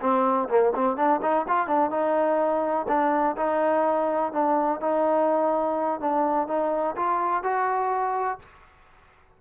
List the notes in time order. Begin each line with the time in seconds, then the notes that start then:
0.00 C4
0.48 A#3
0.75 C4
0.96 D4
1.22 D#4
1.48 F4
1.67 D4
1.90 D#4
2.88 D4
3.36 D#4
4.32 D4
4.80 D#4
6.00 D4
6.47 D#4
6.96 F4
7.43 F#4